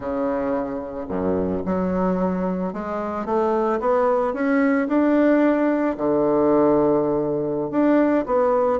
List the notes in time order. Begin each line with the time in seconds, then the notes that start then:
0.00 C#3
1.08 F#2
1.65 F#3
2.73 G#3
3.25 A3
3.80 B3
4.33 C#4
4.88 D4
5.97 D3
7.70 D4
8.26 B3